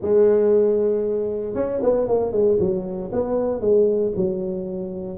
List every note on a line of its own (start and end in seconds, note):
0.01 1.54 G#3
1.54 1.80 C#4
1.82 2.08 B3
2.08 2.32 A#3
2.32 2.58 G#3
2.59 3.11 F#3
3.12 3.60 B3
3.60 4.12 G#3
4.16 5.18 F#3